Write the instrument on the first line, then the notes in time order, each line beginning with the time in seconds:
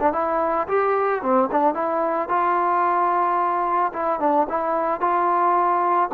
trombone
0.00 D4
0.13 E4
0.68 G4
1.22 C4
1.51 D4
1.74 E4
2.29 F4
3.93 E4
4.20 D4
4.49 E4
5.01 F4